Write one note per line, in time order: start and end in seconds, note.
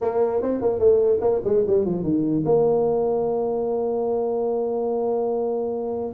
0.01 0.41 A#3
0.41 0.61 C4
0.61 0.79 A#3
0.79 1.19 A3
1.20 1.41 A#3
1.44 1.65 G#3
1.67 1.85 G3
1.85 2.03 F3
2.03 2.44 D#3
2.45 6.12 A#3